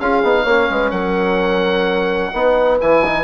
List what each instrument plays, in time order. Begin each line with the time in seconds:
0.00 bassoon C#4, trombone F4, horn G#4, oboe F5
0.23 bassoon B3, trombone D#4
0.43 bassoon A#3, trombone C#4, horn C#5
0.70 bassoon G#3, horn B4
0.91 bassoon F#3, horn A#4, oboe F#5
2.33 bassoon B3, trombone D#4, horn B4
2.80 bassoon E3, trombone E4, oboe G#5
3.05 trombone D#4